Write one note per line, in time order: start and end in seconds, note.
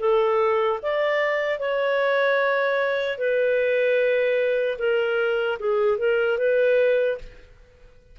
0.00 0.80 A4
0.83 1.60 D5
1.60 3.19 C#5
3.19 4.79 B4
4.79 5.59 A#4
5.60 5.99 G#4
5.99 6.39 A#4
6.39 7.19 B4